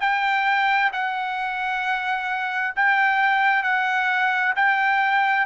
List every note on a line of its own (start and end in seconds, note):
0.00 0.91 G5
0.92 2.74 F#5
2.76 3.62 G5
3.62 4.53 F#5
4.55 5.46 G5